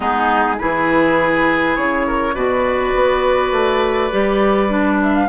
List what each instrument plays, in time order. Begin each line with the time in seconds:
0.00 bassoon G#3, clarinet B3, oboe D#4, flute G#4
0.58 bassoon E3, clarinet E4, oboe G#4, flute B4
1.76 bassoon C#3, flute C#5
2.06 oboe A#4
2.34 bassoon B2, clarinet F#4, oboe B4, flute D5
2.94 bassoon B3
3.51 bassoon A3
4.11 bassoon G3, clarinet G4
4.69 clarinet D4
5.02 flute E5
5.15 flute F5